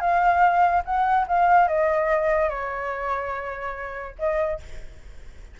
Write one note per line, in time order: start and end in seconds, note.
0.00 0.83 F5
0.85 1.26 F#5
1.27 1.67 F5
1.67 2.49 D#5
2.49 4.15 C#5
4.18 4.60 D#5